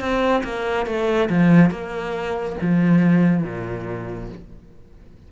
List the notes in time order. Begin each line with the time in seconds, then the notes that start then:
0.00 C4
0.44 A#3
0.86 A3
1.29 F3
1.70 A#3
2.61 F3
3.44 A#2